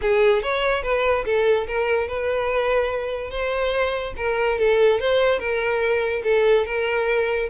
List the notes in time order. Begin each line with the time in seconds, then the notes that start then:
0.01 G#4
0.42 C#5
0.83 B4
1.25 A4
1.67 A#4
2.07 B4
3.30 C5
4.17 A#4
4.58 A4
5.00 C5
5.39 A#4
6.23 A4
6.65 A#4